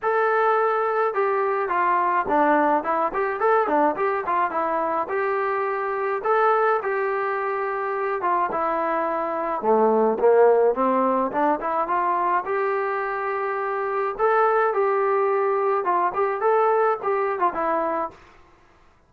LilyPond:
\new Staff \with { instrumentName = "trombone" } { \time 4/4 \tempo 4 = 106 a'2 g'4 f'4 | d'4 e'8 g'8 a'8 d'8 g'8 f'8 | e'4 g'2 a'4 | g'2~ g'8 f'8 e'4~ |
e'4 a4 ais4 c'4 | d'8 e'8 f'4 g'2~ | g'4 a'4 g'2 | f'8 g'8 a'4 g'8. f'16 e'4 | }